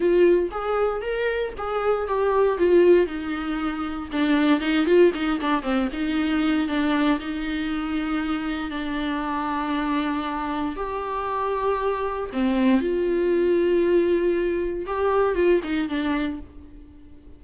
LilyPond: \new Staff \with { instrumentName = "viola" } { \time 4/4 \tempo 4 = 117 f'4 gis'4 ais'4 gis'4 | g'4 f'4 dis'2 | d'4 dis'8 f'8 dis'8 d'8 c'8 dis'8~ | dis'4 d'4 dis'2~ |
dis'4 d'2.~ | d'4 g'2. | c'4 f'2.~ | f'4 g'4 f'8 dis'8 d'4 | }